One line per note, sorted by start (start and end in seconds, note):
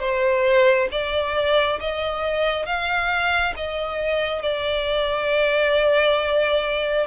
0.00 0.88 C5
0.91 1.80 D5
1.80 2.66 D#5
2.66 3.54 F5
3.57 4.42 D#5
4.42 7.07 D5